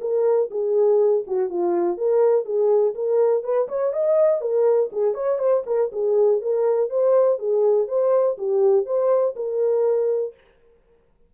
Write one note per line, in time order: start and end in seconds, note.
0.00 0.49 A#4
0.50 1.24 G#4
1.27 1.49 F#4
1.49 1.97 F4
1.97 2.45 A#4
2.45 2.94 G#4
2.94 3.43 A#4
3.43 3.68 B4
3.68 3.93 C#5
3.93 4.41 D#5
4.41 4.90 A#4
4.92 5.14 G#4
5.14 5.38 C#5
5.38 5.63 C5
5.66 5.90 A#4
5.92 6.41 G#4
6.41 6.90 A#4
6.90 7.38 C5
7.38 7.87 G#4
7.88 8.37 C5
8.37 8.85 G4
8.85 9.35 C5
9.35 10.34 A#4